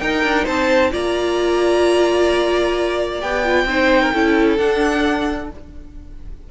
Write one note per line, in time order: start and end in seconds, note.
0.00 0.24 D#4
0.00 0.92 D#4
0.00 0.45 A#4
0.00 0.46 G5
0.24 0.47 D4
0.45 0.93 C4
0.45 0.91 C5
0.45 0.93 A5
0.92 3.23 A#3
0.92 3.21 F4
0.92 3.67 D5
0.92 3.21 A#5
3.21 3.65 B3
3.21 3.44 G4
3.21 4.58 G5
3.45 3.68 F4
3.65 4.11 C4
3.65 4.14 D#4
3.65 4.02 C5
4.02 4.14 A#4
4.14 4.58 C#4
4.14 4.59 E4
4.14 5.51 A4
4.58 5.50 D4
4.58 5.49 F#5